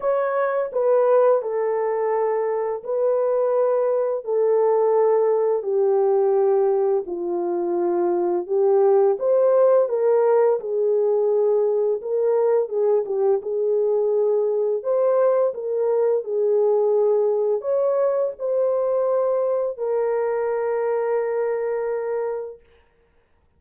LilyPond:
\new Staff \with { instrumentName = "horn" } { \time 4/4 \tempo 4 = 85 cis''4 b'4 a'2 | b'2 a'2 | g'2 f'2 | g'4 c''4 ais'4 gis'4~ |
gis'4 ais'4 gis'8 g'8 gis'4~ | gis'4 c''4 ais'4 gis'4~ | gis'4 cis''4 c''2 | ais'1 | }